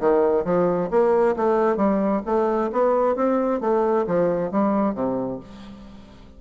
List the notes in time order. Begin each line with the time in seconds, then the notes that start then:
0.00 D#3
0.44 F3
0.91 A#3
1.36 A3
1.77 G3
2.26 A3
2.72 B3
3.16 C4
3.61 A3
4.07 F3
4.51 G3
4.95 C3